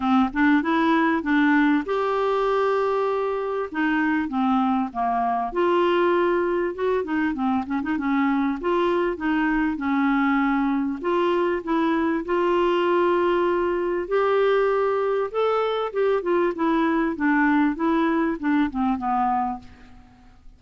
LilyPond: \new Staff \with { instrumentName = "clarinet" } { \time 4/4 \tempo 4 = 98 c'8 d'8 e'4 d'4 g'4~ | g'2 dis'4 c'4 | ais4 f'2 fis'8 dis'8 | c'8 cis'16 dis'16 cis'4 f'4 dis'4 |
cis'2 f'4 e'4 | f'2. g'4~ | g'4 a'4 g'8 f'8 e'4 | d'4 e'4 d'8 c'8 b4 | }